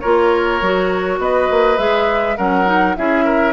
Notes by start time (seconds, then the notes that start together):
0.00 A#3 F4 A#4 C#5
0.61 F#3 F#4
1.19 B3 B4 D#5
1.50 A#3
1.77 G#3 G#4 E5
2.37 F#3 C#4 A#4 F#5
2.65 D#4
2.96 C#4 E4 G#4 E5
3.24 A#4